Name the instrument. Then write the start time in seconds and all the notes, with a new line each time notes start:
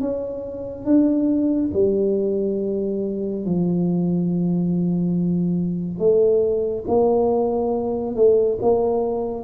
tuba
0.00 C#4
0.85 D4
1.73 G3
3.45 F3
5.98 A3
6.87 A#3
8.15 A3
8.61 A#3